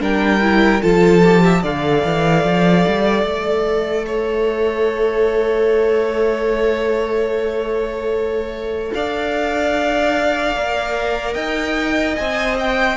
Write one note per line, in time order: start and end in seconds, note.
0.00 0.81 G3
0.00 0.41 D4
0.00 0.82 A#4
0.00 0.82 G5
0.41 0.81 E4
0.82 1.63 F3
0.82 1.22 F4
0.82 1.43 A4
0.82 1.63 A5
1.23 1.64 G4
1.44 1.62 E5
1.62 2.03 D3
1.62 10.56 A4
1.62 4.05 D5
1.62 3.26 F5
2.05 2.44 E3
2.44 2.85 F3
2.87 3.23 G3
3.23 8.91 A3
3.23 8.94 E5
4.07 8.93 C#5
8.94 10.56 D4
8.94 11.34 D5
8.94 11.34 F5
10.56 11.35 A#3
10.56 12.18 A#4
11.34 12.16 D#4
11.34 12.96 D#5
11.34 12.15 G5
12.16 12.97 C4
12.16 12.97 C5
12.16 12.57 G#5
12.59 12.97 G5